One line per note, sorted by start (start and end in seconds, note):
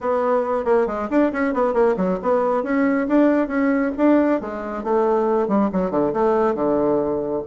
0.00 0.64 B3
0.64 0.86 A#3
0.86 1.08 G#3
1.09 1.31 D4
1.32 1.53 C#4
1.53 1.73 B3
1.73 1.95 A#3
1.96 2.18 F#3
2.22 2.63 B3
2.63 3.07 C#4
3.08 3.47 D4
3.47 3.91 C#4
3.97 4.40 D4
4.40 4.83 G#3
4.83 5.48 A3
5.48 5.70 G3
5.72 5.90 F#3
5.90 6.12 D3
6.13 6.54 A3
6.54 7.42 D3